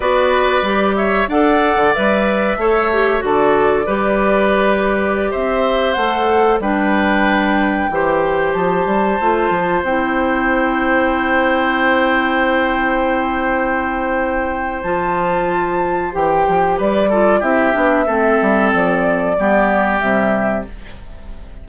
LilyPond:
<<
  \new Staff \with { instrumentName = "flute" } { \time 4/4 \tempo 4 = 93 d''4. e''8 fis''4 e''4~ | e''4 d''2.~ | d''16 e''4 fis''4 g''4.~ g''16~ | g''4~ g''16 a''2 g''8.~ |
g''1~ | g''2. a''4~ | a''4 g''4 d''4 e''4~ | e''4 d''2 e''4 | }
  \new Staff \with { instrumentName = "oboe" } { \time 4/4 b'4. cis''8 d''2 | cis''4 a'4 b'2~ | b'16 c''2 b'4.~ b'16~ | b'16 c''2.~ c''8.~ |
c''1~ | c''1~ | c''2 b'8 a'8 g'4 | a'2 g'2 | }
  \new Staff \with { instrumentName = "clarinet" } { \time 4/4 fis'4 g'4 a'4 b'4 | a'8 g'8 fis'4 g'2~ | g'4~ g'16 a'4 d'4.~ d'16~ | d'16 g'2 f'4 e'8.~ |
e'1~ | e'2. f'4~ | f'4 g'4. f'8 e'8 d'8 | c'2 b4 g4 | }
  \new Staff \with { instrumentName = "bassoon" } { \time 4/4 b4 g4 d'8. d16 g4 | a4 d4 g2~ | g16 c'4 a4 g4.~ g16~ | g16 e4 f8 g8 a8 f8 c'8.~ |
c'1~ | c'2. f4~ | f4 e8 f8 g4 c'8 b8 | a8 g8 f4 g4 c4 | }
>>